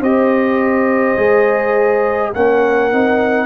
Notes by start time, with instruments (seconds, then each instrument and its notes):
0.00 tuba C4, trombone G4, horn C5, trumpet D#5
1.17 tuba G#3, trombone G#4
2.34 tuba A#3, trombone C#4, horn A#4, trumpet F#5
2.91 tuba C4, trombone D#4